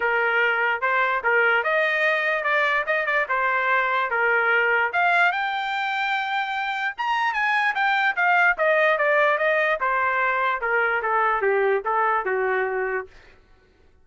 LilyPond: \new Staff \with { instrumentName = "trumpet" } { \time 4/4 \tempo 4 = 147 ais'2 c''4 ais'4 | dis''2 d''4 dis''8 d''8 | c''2 ais'2 | f''4 g''2.~ |
g''4 ais''4 gis''4 g''4 | f''4 dis''4 d''4 dis''4 | c''2 ais'4 a'4 | g'4 a'4 fis'2 | }